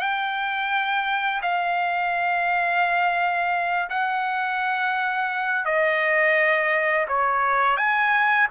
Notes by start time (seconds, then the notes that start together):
0.00 G5
1.42 F5
3.90 F#5
5.65 D#5
7.08 C#5
7.77 G#5